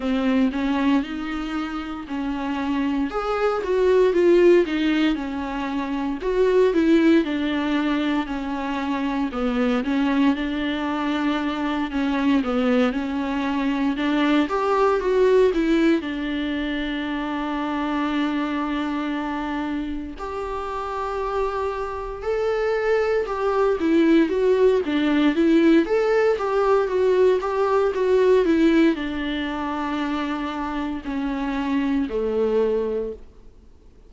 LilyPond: \new Staff \with { instrumentName = "viola" } { \time 4/4 \tempo 4 = 58 c'8 cis'8 dis'4 cis'4 gis'8 fis'8 | f'8 dis'8 cis'4 fis'8 e'8 d'4 | cis'4 b8 cis'8 d'4. cis'8 | b8 cis'4 d'8 g'8 fis'8 e'8 d'8~ |
d'2.~ d'8 g'8~ | g'4. a'4 g'8 e'8 fis'8 | d'8 e'8 a'8 g'8 fis'8 g'8 fis'8 e'8 | d'2 cis'4 a4 | }